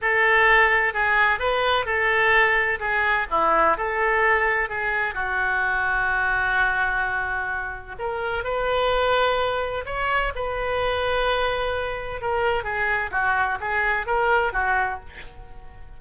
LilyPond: \new Staff \with { instrumentName = "oboe" } { \time 4/4 \tempo 4 = 128 a'2 gis'4 b'4 | a'2 gis'4 e'4 | a'2 gis'4 fis'4~ | fis'1~ |
fis'4 ais'4 b'2~ | b'4 cis''4 b'2~ | b'2 ais'4 gis'4 | fis'4 gis'4 ais'4 fis'4 | }